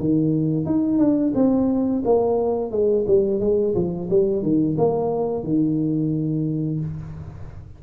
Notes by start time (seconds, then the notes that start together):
0.00 D#3
0.66 D#4
0.99 D4
1.35 C4
2.05 A#3
2.71 G#3
3.07 G3
3.41 G#3
3.75 F3
4.10 G3
4.43 D#3
4.78 A#3
5.44 D#3